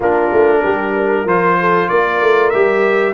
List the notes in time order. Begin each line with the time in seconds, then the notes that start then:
0.00 A#3 D4 F4 A#4
0.32 A3
0.63 G3 G4
0.96 A#4
1.25 F3 F4 C5
1.59 A4
1.89 A#3 A#4 D5
2.21 A3
2.50 G3 G4 E5